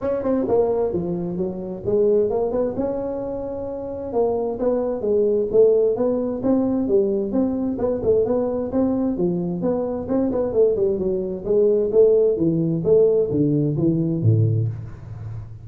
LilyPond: \new Staff \with { instrumentName = "tuba" } { \time 4/4 \tempo 4 = 131 cis'8 c'8 ais4 f4 fis4 | gis4 ais8 b8 cis'2~ | cis'4 ais4 b4 gis4 | a4 b4 c'4 g4 |
c'4 b8 a8 b4 c'4 | f4 b4 c'8 b8 a8 g8 | fis4 gis4 a4 e4 | a4 d4 e4 a,4 | }